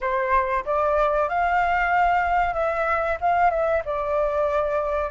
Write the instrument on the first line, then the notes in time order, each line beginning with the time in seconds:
flute
0.00 C5
0.65 D5
1.29 F5
2.53 E5
3.20 F5
3.50 E5
3.85 D5